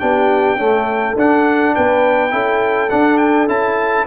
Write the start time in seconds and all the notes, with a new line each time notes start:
0.00 B3 D4 G4 G5
0.56 A3 C#4 A4
1.16 D4 F#5
1.75 B3 B4 G5
2.30 C#4 E4 A4
2.90 D4 F#5
3.17 G5
3.48 C#4 E4 A5